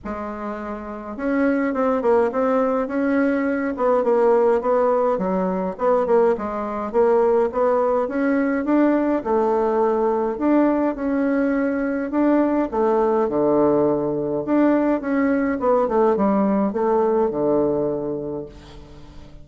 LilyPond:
\new Staff \with { instrumentName = "bassoon" } { \time 4/4 \tempo 4 = 104 gis2 cis'4 c'8 ais8 | c'4 cis'4. b8 ais4 | b4 fis4 b8 ais8 gis4 | ais4 b4 cis'4 d'4 |
a2 d'4 cis'4~ | cis'4 d'4 a4 d4~ | d4 d'4 cis'4 b8 a8 | g4 a4 d2 | }